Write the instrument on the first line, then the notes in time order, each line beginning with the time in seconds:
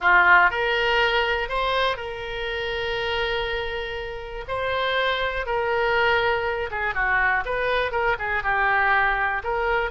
oboe
0.00 F4
0.50 A#4
1.49 C5
1.96 A#4
4.48 C5
5.46 A#4
6.71 G#4
6.94 F#4
7.45 B4
7.91 A#4
8.18 G#4
8.43 G4
9.43 A#4